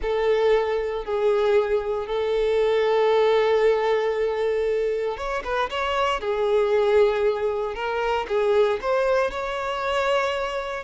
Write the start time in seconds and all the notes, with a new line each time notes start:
0.02 A4
1.04 G#4
2.06 A4
5.17 C#5
5.44 B4
5.70 C#5
6.20 G#4
7.74 A#4
8.28 G#4
8.81 C5
9.31 C#5